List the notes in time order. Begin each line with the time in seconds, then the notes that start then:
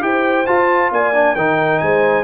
0.00 E4 G4 C5 G5
0.46 F4 A5
0.91 A#3 D5 G#5
1.14 D4
1.35 D#3 D#4 A#4 G5
1.79 G#3 C5 G#5